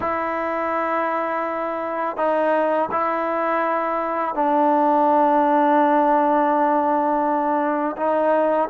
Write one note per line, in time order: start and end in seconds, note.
0.00 2.17 E4
2.17 2.89 D#4
2.91 4.34 E4
4.34 7.96 D4
7.96 8.69 D#4